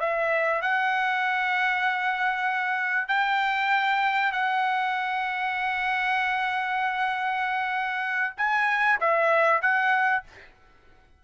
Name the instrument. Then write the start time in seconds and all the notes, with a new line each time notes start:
trumpet
0.00 E5
0.62 F#5
3.08 G5
4.32 F#5
8.38 G#5
9.01 E5
9.62 F#5